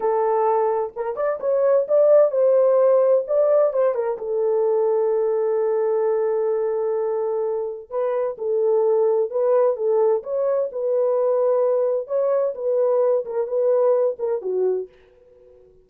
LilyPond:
\new Staff \with { instrumentName = "horn" } { \time 4/4 \tempo 4 = 129 a'2 ais'8 d''8 cis''4 | d''4 c''2 d''4 | c''8 ais'8 a'2.~ | a'1~ |
a'4 b'4 a'2 | b'4 a'4 cis''4 b'4~ | b'2 cis''4 b'4~ | b'8 ais'8 b'4. ais'8 fis'4 | }